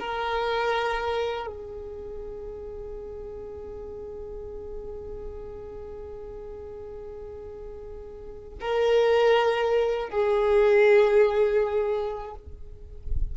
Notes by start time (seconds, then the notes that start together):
0.00 A#4
1.47 G#4
8.61 A#4
10.10 G#4